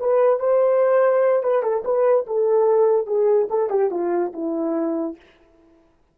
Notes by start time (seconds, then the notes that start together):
0.00 B4
0.40 C5
1.43 B4
1.63 A4
1.85 B4
2.27 A4
3.07 G#4
3.50 A4
3.70 G4
3.91 F4
4.33 E4